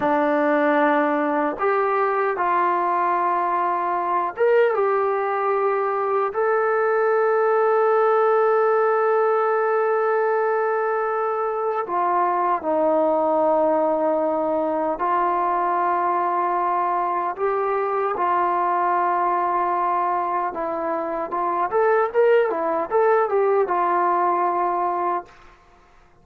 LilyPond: \new Staff \with { instrumentName = "trombone" } { \time 4/4 \tempo 4 = 76 d'2 g'4 f'4~ | f'4. ais'8 g'2 | a'1~ | a'2. f'4 |
dis'2. f'4~ | f'2 g'4 f'4~ | f'2 e'4 f'8 a'8 | ais'8 e'8 a'8 g'8 f'2 | }